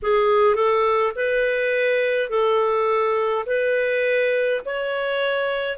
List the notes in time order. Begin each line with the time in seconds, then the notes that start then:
0.02 G#4
0.55 A4
1.15 B4
2.29 A4
3.46 B4
4.65 C#5